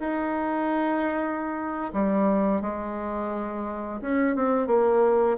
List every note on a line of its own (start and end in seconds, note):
0.00 1.92 D#4
1.93 2.62 G3
2.62 4.01 G#3
4.01 4.36 C#4
4.36 4.67 C4
4.67 5.37 A#3